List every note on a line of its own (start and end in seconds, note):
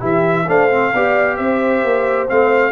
0.00 0.48 E3
0.00 0.45 E4
0.00 0.45 G4
0.00 0.49 E5
0.48 0.93 A3
0.48 0.71 D4
0.48 0.93 C5
0.48 1.37 F5
0.71 0.94 C4
0.94 1.39 B3
0.94 2.29 G4
0.94 1.37 D5
1.37 1.84 C4
1.37 2.72 C5
1.37 2.27 E5
1.84 2.29 A#3
2.29 2.72 A3
2.29 2.72 C4
2.29 2.72 F5